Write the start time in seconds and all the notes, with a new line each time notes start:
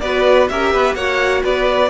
0.00 B3 F#4 B4 D5
0.48 C#4 G4 A#4 E5
0.73 B3 B4
0.95 A#3 F#4 C#5 F#5
1.44 B3 B4 D5